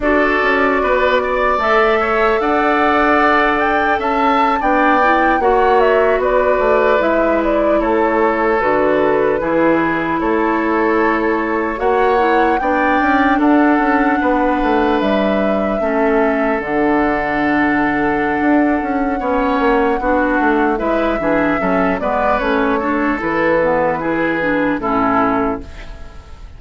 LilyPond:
<<
  \new Staff \with { instrumentName = "flute" } { \time 4/4 \tempo 4 = 75 d''2 e''4 fis''4~ | fis''8 g''8 a''8. g''4 fis''8 e''8 d''16~ | d''8. e''8 d''8 cis''4 b'4~ b'16~ | b'8. cis''2 fis''4 g''16~ |
g''8. fis''2 e''4~ e''16~ | e''8. fis''2.~ fis''16~ | fis''2 e''4. d''8 | cis''4 b'2 a'4 | }
  \new Staff \with { instrumentName = "oboe" } { \time 4/4 a'4 b'8 d''4 cis''8 d''4~ | d''4 e''8. d''4 cis''4 b'16~ | b'4.~ b'16 a'2 gis'16~ | gis'8. a'2 cis''4 d''16~ |
d''8. a'4 b'2 a'16~ | a'1 | cis''4 fis'4 b'8 gis'8 a'8 b'8~ | b'8 a'4. gis'4 e'4 | }
  \new Staff \with { instrumentName = "clarinet" } { \time 4/4 fis'2 a'2~ | a'4.~ a'16 d'8 e'8 fis'4~ fis'16~ | fis'8. e'2 fis'4 e'16~ | e'2~ e'8. fis'8 e'8 d'16~ |
d'2.~ d'8. cis'16~ | cis'8. d'2.~ d'16 | cis'4 d'4 e'8 d'8 cis'8 b8 | cis'8 d'8 e'8 b8 e'8 d'8 cis'4 | }
  \new Staff \with { instrumentName = "bassoon" } { \time 4/4 d'8 cis'8 b4 a4 d'4~ | d'4 cis'8. b4 ais4 b16~ | b16 a8 gis4 a4 d4 e16~ | e8. a2 ais4 b16~ |
b16 cis'8 d'8 cis'8 b8 a8 g4 a16~ | a8. d2~ d16 d'8 cis'8 | b8 ais8 b8 a8 gis8 e8 fis8 gis8 | a4 e2 a,4 | }
>>